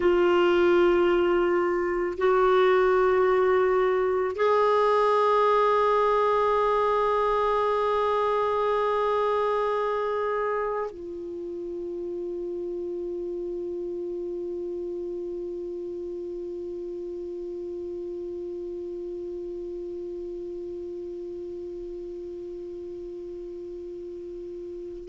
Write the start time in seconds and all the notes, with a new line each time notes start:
0.00 F4
2.18 F#4
4.36 G#4
10.90 F4